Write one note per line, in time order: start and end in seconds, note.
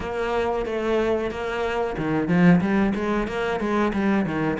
0.00 0.65 A#3
0.65 1.30 A3
1.30 1.96 A#3
1.97 2.27 D#3
2.27 2.60 F3
2.60 2.93 G3
2.95 3.27 G#3
3.27 3.60 A#3
3.60 3.92 G#3
3.93 4.25 G3
4.25 4.58 D#3